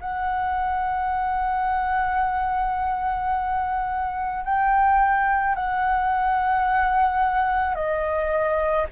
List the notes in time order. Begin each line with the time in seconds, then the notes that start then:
0.00 F#5
4.44 G5
5.55 F#5
7.75 D#5